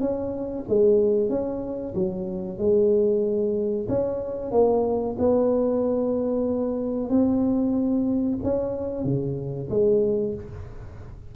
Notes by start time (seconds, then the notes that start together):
0.00 C#4
0.69 G#3
1.30 C#4
1.95 F#3
2.58 G#3
3.89 C#4
4.52 A#3
5.18 B3
7.10 C4
8.43 C#4
9.04 C#3
9.70 G#3